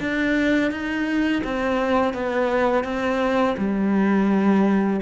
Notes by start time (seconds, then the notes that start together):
0.00 D4
0.71 D#4
1.44 C4
2.13 B3
2.84 C4
3.57 G3